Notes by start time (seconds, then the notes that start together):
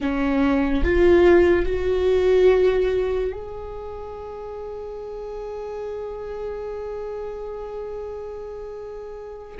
0.00 C#4
0.84 F4
1.65 F#4
3.32 G#4